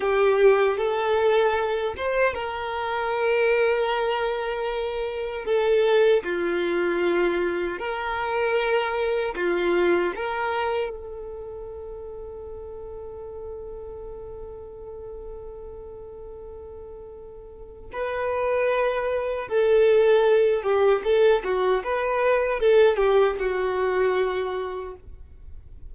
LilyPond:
\new Staff \with { instrumentName = "violin" } { \time 4/4 \tempo 4 = 77 g'4 a'4. c''8 ais'4~ | ais'2. a'4 | f'2 ais'2 | f'4 ais'4 a'2~ |
a'1~ | a'2. b'4~ | b'4 a'4. g'8 a'8 fis'8 | b'4 a'8 g'8 fis'2 | }